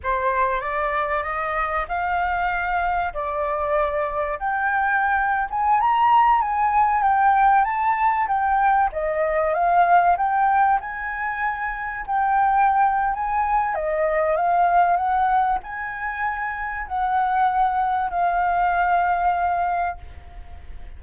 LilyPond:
\new Staff \with { instrumentName = "flute" } { \time 4/4 \tempo 4 = 96 c''4 d''4 dis''4 f''4~ | f''4 d''2 g''4~ | g''8. gis''8 ais''4 gis''4 g''8.~ | g''16 a''4 g''4 dis''4 f''8.~ |
f''16 g''4 gis''2 g''8.~ | g''4 gis''4 dis''4 f''4 | fis''4 gis''2 fis''4~ | fis''4 f''2. | }